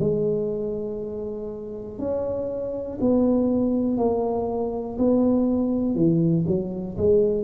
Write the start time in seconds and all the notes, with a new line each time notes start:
0.00 G#3
1.99 C#4
3.00 B3
3.97 A#3
4.98 B3
5.95 E3
6.47 F#3
6.97 G#3